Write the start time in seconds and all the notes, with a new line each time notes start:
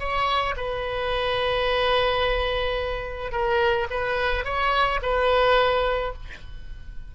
0.00 C#5
0.57 B4
3.32 A#4
3.91 B4
4.45 C#5
5.03 B4